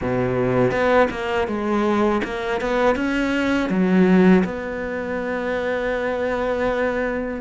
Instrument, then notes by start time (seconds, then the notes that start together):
cello
0.01 B2
0.71 B3
1.10 A#3
1.47 G#3
2.24 A#3
2.61 B3
2.95 C#4
3.69 F#3
4.44 B3